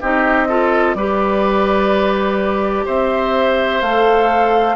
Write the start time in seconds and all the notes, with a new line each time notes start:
0.00 C4 D#4 G4 D#5
0.48 F4 A4
0.94 G3 G4 B4 D5
2.85 C4 C5 E5
3.81 A3 A4 F5